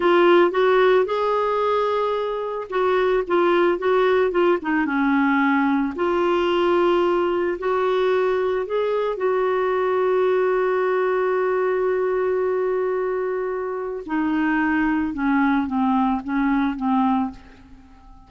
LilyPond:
\new Staff \with { instrumentName = "clarinet" } { \time 4/4 \tempo 4 = 111 f'4 fis'4 gis'2~ | gis'4 fis'4 f'4 fis'4 | f'8 dis'8 cis'2 f'4~ | f'2 fis'2 |
gis'4 fis'2.~ | fis'1~ | fis'2 dis'2 | cis'4 c'4 cis'4 c'4 | }